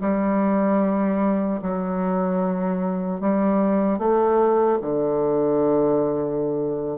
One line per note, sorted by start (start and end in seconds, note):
0.00 1.60 G3
1.61 3.20 F#3
3.20 3.99 G3
3.99 4.79 A3
4.81 6.98 D3